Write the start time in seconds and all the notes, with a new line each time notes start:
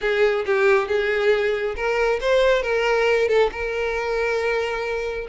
0.01 G#4
0.46 G4
0.87 G#4
1.75 A#4
2.21 C5
2.62 A#4
3.28 A4
3.52 A#4